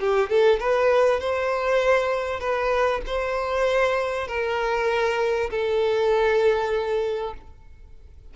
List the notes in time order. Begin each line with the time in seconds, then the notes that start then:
0.00 G4
0.29 A4
0.60 B4
1.20 C5
2.40 B4
3.06 C5
4.27 A#4
5.50 A4